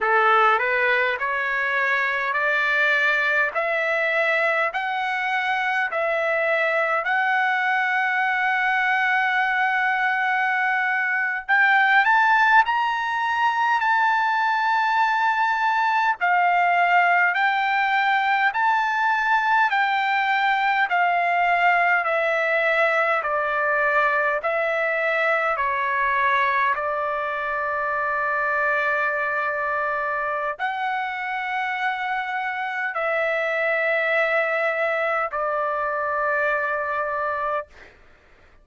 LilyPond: \new Staff \with { instrumentName = "trumpet" } { \time 4/4 \tempo 4 = 51 a'8 b'8 cis''4 d''4 e''4 | fis''4 e''4 fis''2~ | fis''4.~ fis''16 g''8 a''8 ais''4 a''16~ | a''4.~ a''16 f''4 g''4 a''16~ |
a''8. g''4 f''4 e''4 d''16~ | d''8. e''4 cis''4 d''4~ d''16~ | d''2 fis''2 | e''2 d''2 | }